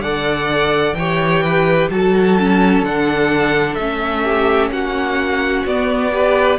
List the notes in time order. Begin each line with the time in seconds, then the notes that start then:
0.00 D3 A4 D5 F#5
0.94 E3 G4 C#5 G5
1.43 B4
1.89 F#3 F#4 A4 A5
2.39 C#4
2.82 D3 D4 F#5
3.75 A3 C#4 E5
4.24 G4
4.70 A#3 F#4 F#5
5.65 B3 D5
6.12 G4 B4